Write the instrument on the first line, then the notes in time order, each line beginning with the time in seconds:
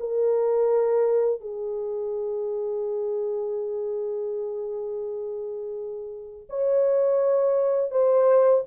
horn
0.00 A#4
1.41 G#4
6.50 C#5
7.91 C5